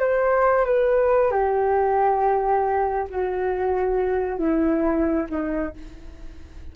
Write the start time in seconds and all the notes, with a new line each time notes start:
0.00 C5
0.66 B4
1.32 G4
3.10 F#4
4.39 E4
5.30 D#4